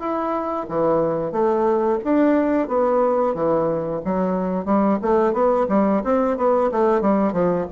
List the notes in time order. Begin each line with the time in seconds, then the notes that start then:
0.00 E4
0.69 E3
1.32 A3
2.04 D4
2.68 B3
3.35 E3
4.05 F#3
4.65 G3
5.02 A3
5.34 B3
5.69 G3
6.04 C4
6.37 B3
6.72 A3
7.02 G3
7.33 F3